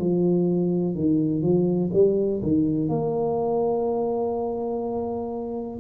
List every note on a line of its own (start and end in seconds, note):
0.00 0.95 F3
0.95 1.42 D#3
1.42 1.90 F3
1.93 2.41 G3
2.43 2.89 D#3
2.89 5.79 A#3